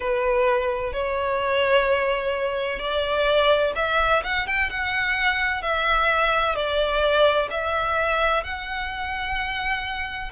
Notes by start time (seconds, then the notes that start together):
0.00 B4
0.92 C#5
2.79 D5
3.75 E5
4.23 F#5
4.47 G5
4.70 F#5
5.62 E5
6.55 D5
7.50 E5
8.43 F#5